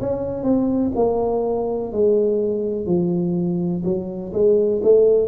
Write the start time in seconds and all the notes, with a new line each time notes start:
0.00 C#4
0.44 C4
0.95 A#3
1.92 G#3
2.86 F3
3.84 F#3
4.33 G#3
4.83 A3